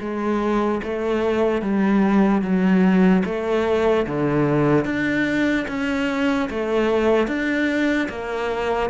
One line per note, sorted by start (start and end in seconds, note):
0.00 0.81 G#3
0.83 1.61 A3
1.61 2.42 G3
2.42 3.23 F#3
3.25 4.06 A3
4.07 4.85 D3
4.85 5.66 D4
5.68 6.49 C#4
6.49 7.27 A3
7.27 8.08 D4
8.09 8.90 A#3